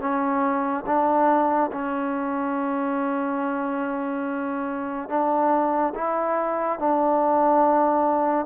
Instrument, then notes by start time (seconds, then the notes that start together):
trombone
0.00 C#4
0.86 D4
1.72 C#4
5.09 D4
5.95 E4
6.80 D4